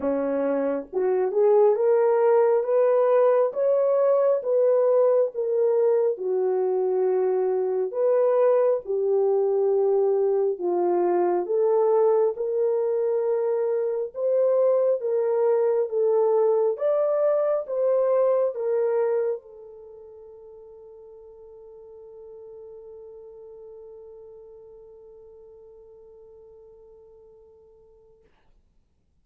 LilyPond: \new Staff \with { instrumentName = "horn" } { \time 4/4 \tempo 4 = 68 cis'4 fis'8 gis'8 ais'4 b'4 | cis''4 b'4 ais'4 fis'4~ | fis'4 b'4 g'2 | f'4 a'4 ais'2 |
c''4 ais'4 a'4 d''4 | c''4 ais'4 a'2~ | a'1~ | a'1 | }